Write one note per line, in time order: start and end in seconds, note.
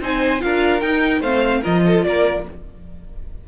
0.00 0.41 C4
0.00 0.39 D#4
0.00 0.43 C5
0.00 0.41 G#5
0.39 0.81 D4
0.39 0.80 F4
0.39 1.20 A#4
0.39 0.80 F5
0.80 1.20 D#4
0.80 1.23 D#4
0.80 1.21 G5
1.20 1.61 A3
1.20 1.63 C4
1.20 1.61 C5
1.20 1.63 F5
1.61 2.04 F3
1.61 2.44 F4
1.61 1.82 A#4
1.61 2.03 D#5
1.86 2.06 A4
2.03 2.45 A#3
2.03 2.48 A#4
2.03 2.44 D5